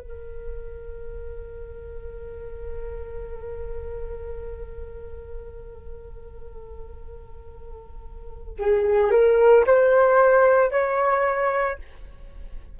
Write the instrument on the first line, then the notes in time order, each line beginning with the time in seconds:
flute
0.00 A#4
8.59 G#4
9.11 A#4
9.66 C5
10.71 C#5